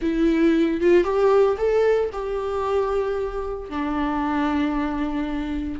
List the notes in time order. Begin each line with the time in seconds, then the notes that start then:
0.01 E4
0.80 F4
1.04 G4
1.57 A4
2.12 G4
3.69 D4